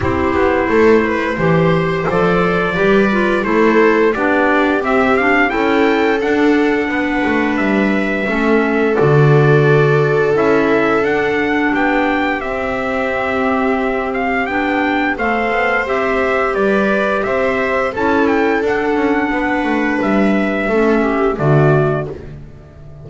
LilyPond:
<<
  \new Staff \with { instrumentName = "trumpet" } { \time 4/4 \tempo 4 = 87 c''2. d''4~ | d''4 c''4 d''4 e''8 f''8 | g''4 fis''2 e''4~ | e''4 d''2 e''4 |
fis''4 g''4 e''2~ | e''8 f''8 g''4 f''4 e''4 | d''4 e''4 a''8 g''8 fis''4~ | fis''4 e''2 d''4 | }
  \new Staff \with { instrumentName = "viola" } { \time 4/4 g'4 a'8 b'8 c''2 | b'4 a'4 g'2 | a'2 b'2 | a'1~ |
a'4 g'2.~ | g'2 c''2 | b'4 c''4 a'2 | b'2 a'8 g'8 fis'4 | }
  \new Staff \with { instrumentName = "clarinet" } { \time 4/4 e'2 g'4 a'4 | g'8 f'8 e'4 d'4 c'8 d'8 | e'4 d'2. | cis'4 fis'2 e'4 |
d'2 c'2~ | c'4 d'4 a'4 g'4~ | g'2 e'4 d'4~ | d'2 cis'4 a4 | }
  \new Staff \with { instrumentName = "double bass" } { \time 4/4 c'8 b8 a4 e4 f4 | g4 a4 b4 c'4 | cis'4 d'4 b8 a8 g4 | a4 d2 cis'4 |
d'4 b4 c'2~ | c'4 b4 a8 b8 c'4 | g4 c'4 cis'4 d'8 cis'8 | b8 a8 g4 a4 d4 | }
>>